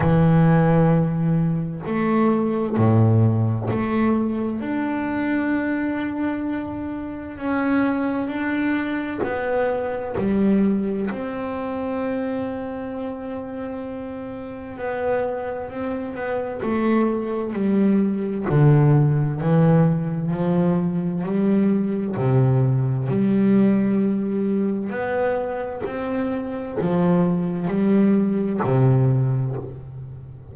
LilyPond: \new Staff \with { instrumentName = "double bass" } { \time 4/4 \tempo 4 = 65 e2 a4 a,4 | a4 d'2. | cis'4 d'4 b4 g4 | c'1 |
b4 c'8 b8 a4 g4 | d4 e4 f4 g4 | c4 g2 b4 | c'4 f4 g4 c4 | }